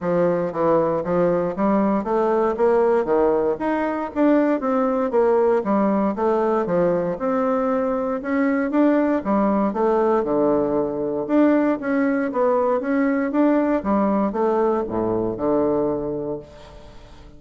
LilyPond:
\new Staff \with { instrumentName = "bassoon" } { \time 4/4 \tempo 4 = 117 f4 e4 f4 g4 | a4 ais4 dis4 dis'4 | d'4 c'4 ais4 g4 | a4 f4 c'2 |
cis'4 d'4 g4 a4 | d2 d'4 cis'4 | b4 cis'4 d'4 g4 | a4 a,4 d2 | }